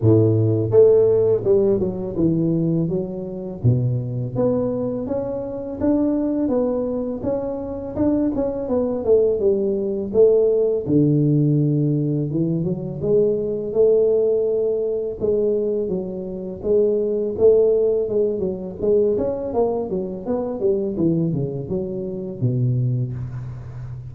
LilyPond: \new Staff \with { instrumentName = "tuba" } { \time 4/4 \tempo 4 = 83 a,4 a4 g8 fis8 e4 | fis4 b,4 b4 cis'4 | d'4 b4 cis'4 d'8 cis'8 | b8 a8 g4 a4 d4~ |
d4 e8 fis8 gis4 a4~ | a4 gis4 fis4 gis4 | a4 gis8 fis8 gis8 cis'8 ais8 fis8 | b8 g8 e8 cis8 fis4 b,4 | }